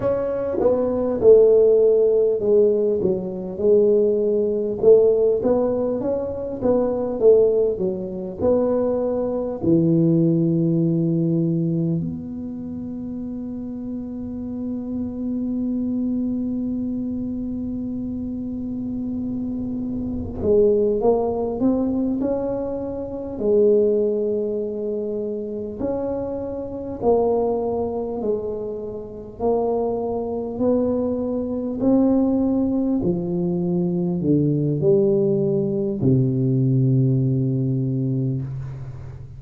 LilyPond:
\new Staff \with { instrumentName = "tuba" } { \time 4/4 \tempo 4 = 50 cis'8 b8 a4 gis8 fis8 gis4 | a8 b8 cis'8 b8 a8 fis8 b4 | e2 b2~ | b1~ |
b4 gis8 ais8 c'8 cis'4 gis8~ | gis4. cis'4 ais4 gis8~ | gis8 ais4 b4 c'4 f8~ | f8 d8 g4 c2 | }